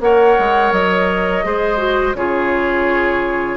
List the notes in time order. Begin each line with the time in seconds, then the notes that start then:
0.00 A#3 A#4 C#5 F#5
0.38 G#3
0.72 F#3 D#5
1.43 G#3 G#4 C5
1.77 F#4
2.14 C#3 F4 G#4 C#5